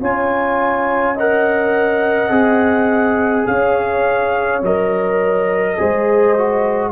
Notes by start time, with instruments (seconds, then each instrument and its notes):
0.00 tuba C#4, trombone F4, horn C#5, trumpet G#5
1.15 trombone A#4, horn D#5, trumpet F#5
2.30 tuba C4, trombone G#4
3.46 tuba C#4, horn C#5, trumpet F5
4.62 tuba F#3, trombone A#4, trumpet D#5
5.77 tuba G#3, trombone G#4, horn C5
6.37 trombone F#4